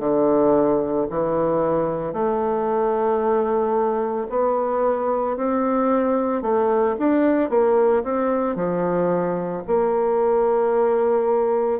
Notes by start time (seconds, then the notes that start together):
0.00 D3
1.11 E3
2.13 A3
4.30 B3
5.37 C4
6.42 A3
6.99 D4
7.50 A#3
8.04 C4
8.56 F3
9.68 A#3